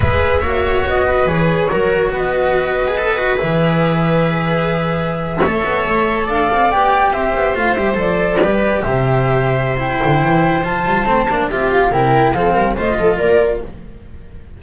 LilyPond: <<
  \new Staff \with { instrumentName = "flute" } { \time 4/4 \tempo 4 = 141 e''2 dis''4 cis''4~ | cis''4 dis''2. | e''1~ | e''2~ e''8. f''4 g''16~ |
g''8. e''4 f''8 e''8 d''4~ d''16~ | d''8. e''2~ e''16 g''4~ | g''4 a''2 e''8 f''8 | g''4 f''4 dis''4 d''4 | }
  \new Staff \with { instrumentName = "viola" } { \time 4/4 b'4 cis''4. b'4. | ais'4 b'2.~ | b'1~ | b'8. cis''2 d''4~ d''16~ |
d''8. c''2. b'16~ | b'8. c''2.~ c''16~ | c''2. g'4 | ais'4 a'8 ais'8 c''8 a'8 ais'4 | }
  \new Staff \with { instrumentName = "cello" } { \time 4/4 gis'4 fis'2 gis'4 | fis'2~ fis'8. gis'16 a'8 fis'8 | gis'1~ | gis'8. a'2. g'16~ |
g'4.~ g'16 f'8 g'8 a'4 g'16~ | g'2. e'4~ | e'4 f'4 c'8 d'8 f'4 | e'4 c'4 f'2 | }
  \new Staff \with { instrumentName = "double bass" } { \time 4/4 gis4 ais4 b4 e4 | fis4 b2. | e1~ | e8. a8 b8 a4 d'8 c'8 b16~ |
b8. c'8 b8 a8 g8 f4 g16~ | g8. c2~ c8. d8 | e4 f8 g8 a8 ais8 c'4 | c4 f8 g8 a8 f8 ais4 | }
>>